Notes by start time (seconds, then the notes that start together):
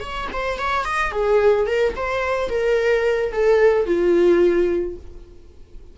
0.00 C#5
0.33 C5
0.58 C#5
0.85 D#5
1.11 G#4
1.66 A#4
1.96 C5
2.49 A#4
3.32 A4
3.86 F4